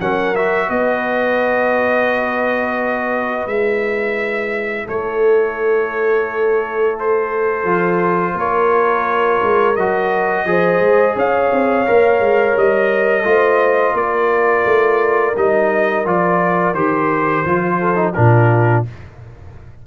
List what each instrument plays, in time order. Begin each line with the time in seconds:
0.00 tuba F#3, trombone C#4, horn A#4, trumpet F#5
0.35 trombone F#4, trumpet E5
0.68 tuba B3, horn B4, trumpet D#5
3.46 tuba G#3, trombone E4, trumpet E5
4.85 tuba A3, horn A4, trumpet C#5
6.99 trumpet C5
7.64 tuba F3, trombone F4
8.34 tuba A#3, horn A#4, trumpet C#5
9.42 tuba G#3
9.76 tuba F#3, trombone F#4, trumpet D#5
10.45 tuba F3, trombone G#4, horn C5
10.80 tuba G#3
11.16 tuba C#4, horn C#5, trumpet F5
11.52 tuba C4
11.86 tuba A#3, trombone A#4
12.19 tuba G#3
12.56 tuba G3, trumpet D#5
13.23 tuba A3, trombone F4, horn C5
13.94 tuba A#3, horn A#4, trumpet D5
14.65 tuba A3
15.36 tuba G3, trombone D#4, trumpet D#5
16.05 tuba F3, trombone F4, trumpet D5
16.74 tuba D#3, trombone G4, trumpet C5
17.45 tuba F3, trombone F4
17.79 horn A4
17.95 trombone D#4
18.13 tuba A#2, trombone D4, horn F4, trumpet A#4